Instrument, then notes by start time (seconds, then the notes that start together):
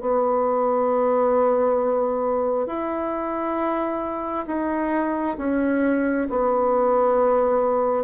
bassoon
0.00 B3
2.66 E4
4.47 D#4
5.37 C#4
6.29 B3